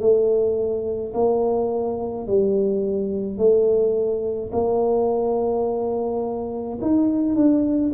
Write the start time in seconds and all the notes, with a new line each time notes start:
0.00 A3
1.14 A#3
2.27 G3
3.38 A3
4.52 A#3
6.81 D#4
7.35 D4